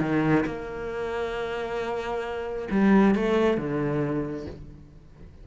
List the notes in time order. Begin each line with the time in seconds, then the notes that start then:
0.00 D#3
0.45 A#3
2.70 G3
3.15 A3
3.57 D3